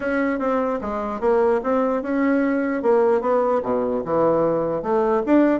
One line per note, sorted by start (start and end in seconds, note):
0.00 0.39 C#4
0.39 0.79 C4
0.81 1.20 G#3
1.20 1.60 A#3
1.63 2.02 C4
2.02 2.82 C#4
2.82 3.21 A#3
3.21 3.61 B3
3.62 4.03 B2
4.04 4.82 E3
4.82 5.22 A3
5.26 5.60 D4